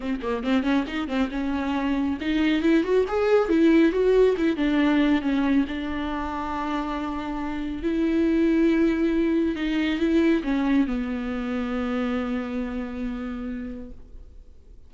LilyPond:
\new Staff \with { instrumentName = "viola" } { \time 4/4 \tempo 4 = 138 c'8 ais8 c'8 cis'8 dis'8 c'8 cis'4~ | cis'4 dis'4 e'8 fis'8 gis'4 | e'4 fis'4 e'8 d'4. | cis'4 d'2.~ |
d'2 e'2~ | e'2 dis'4 e'4 | cis'4 b2.~ | b1 | }